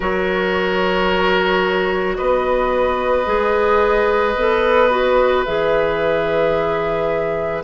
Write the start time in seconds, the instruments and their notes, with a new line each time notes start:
0.00 bassoon F#3, clarinet F#4, oboe A#4, flute C#5
2.16 bassoon B3, oboe B4, flute D#5
3.25 bassoon G#3, clarinet G#4
4.35 bassoon B3, clarinet A4
4.90 clarinet F#4
5.45 bassoon E3, clarinet G#4, flute E5